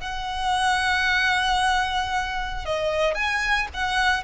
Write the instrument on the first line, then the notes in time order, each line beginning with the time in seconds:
violin
0.00 F#5
2.65 D#5
3.14 G#5
3.74 F#5